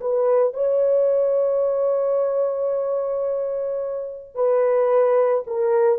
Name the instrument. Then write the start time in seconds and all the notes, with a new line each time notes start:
horn
0.00 B4
0.54 C#5
4.34 B4
5.46 A#4